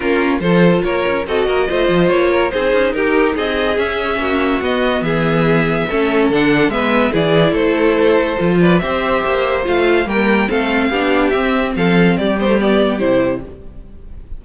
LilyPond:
<<
  \new Staff \with { instrumentName = "violin" } { \time 4/4 \tempo 4 = 143 ais'4 c''4 cis''4 dis''4~ | dis''4 cis''4 c''4 ais'4 | dis''4 e''2 dis''4 | e''2. fis''4 |
e''4 d''4 c''2~ | c''8 d''8 e''2 f''4 | g''4 f''2 e''4 | f''4 d''8 c''8 d''4 c''4 | }
  \new Staff \with { instrumentName = "violin" } { \time 4/4 f'4 a'4 ais'4 a'8 ais'8 | c''4. ais'8 gis'4 g'4 | gis'2 fis'2 | gis'2 a'2 |
b'4 gis'4 a'2~ | a'8 b'8 c''2. | ais'4 a'4 g'2 | a'4 g'2. | }
  \new Staff \with { instrumentName = "viola" } { \time 4/4 cis'4 f'2 fis'4 | f'2 dis'2~ | dis'4 cis'2 b4~ | b2 cis'4 d'4 |
b4 e'2. | f'4 g'2 f'4 | ais4 c'4 d'4 c'4~ | c'4. b16 a16 b4 e'4 | }
  \new Staff \with { instrumentName = "cello" } { \time 4/4 ais4 f4 ais8 cis'8 c'8 ais8 | a8 f8 ais4 c'8 cis'8 dis'4 | c'4 cis'4 ais4 b4 | e2 a4 d4 |
gis4 e4 a2 | f4 c'4 ais4 a4 | g4 a4 b4 c'4 | f4 g2 c4 | }
>>